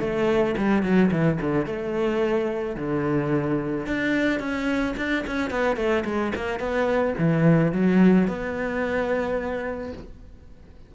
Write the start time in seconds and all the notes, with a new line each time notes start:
0.00 A3
0.57 G3
0.83 F#3
1.11 E3
1.41 D3
1.66 A3
2.76 D3
3.86 D4
4.39 C#4
4.97 D4
5.27 C#4
5.50 B3
5.76 A3
6.05 G#3
6.35 A#3
6.60 B3
7.18 E3
7.72 F#3
8.28 B3